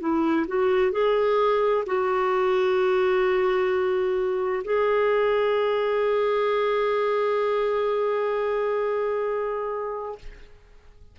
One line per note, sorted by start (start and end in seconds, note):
0.00 0.46 E4
0.47 0.92 F#4
0.92 1.84 G#4
1.86 4.63 F#4
4.64 10.18 G#4